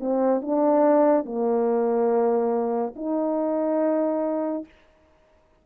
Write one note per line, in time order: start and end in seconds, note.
0.00 0.41 C4
0.41 1.26 D4
1.26 2.95 A#3
2.96 4.65 D#4